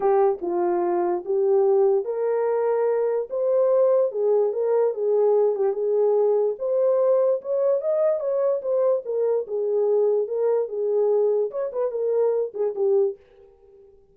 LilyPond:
\new Staff \with { instrumentName = "horn" } { \time 4/4 \tempo 4 = 146 g'4 f'2 g'4~ | g'4 ais'2. | c''2 gis'4 ais'4 | gis'4. g'8 gis'2 |
c''2 cis''4 dis''4 | cis''4 c''4 ais'4 gis'4~ | gis'4 ais'4 gis'2 | cis''8 b'8 ais'4. gis'8 g'4 | }